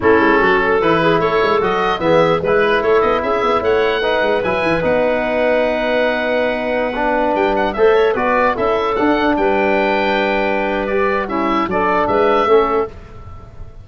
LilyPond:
<<
  \new Staff \with { instrumentName = "oboe" } { \time 4/4 \tempo 4 = 149 a'2 b'4 cis''4 | dis''4 e''4 b'4 cis''8 dis''8 | e''4 fis''2 gis''4 | fis''1~ |
fis''2~ fis''16 g''8 fis''8 e''8.~ | e''16 d''4 e''4 fis''4 g''8.~ | g''2. d''4 | e''4 d''4 e''2 | }
  \new Staff \with { instrumentName = "clarinet" } { \time 4/4 e'4 fis'8 a'4 gis'8 a'4~ | a'4 gis'4 b'4 a'4 | gis'4 cis''4 b'2~ | b'1~ |
b'2.~ b'16 c''8 cis''16~ | cis''16 b'4 a'2 b'8.~ | b'1 | e'4 a'4 b'4 a'4 | }
  \new Staff \with { instrumentName = "trombone" } { \time 4/4 cis'2 e'2 | fis'4 b4 e'2~ | e'2 dis'4 e'4 | dis'1~ |
dis'4~ dis'16 d'2 a'8.~ | a'16 fis'4 e'4 d'4.~ d'16~ | d'2. g'4 | cis'4 d'2 cis'4 | }
  \new Staff \with { instrumentName = "tuba" } { \time 4/4 a8 gis8 fis4 e4 a8 gis8 | fis4 e4 gis4 a8 b8 | cis'8 b8 a4. gis8 fis8 e8 | b1~ |
b2~ b16 g4 a8.~ | a16 b4 cis'4 d'4 g8.~ | g1~ | g4 fis4 gis4 a4 | }
>>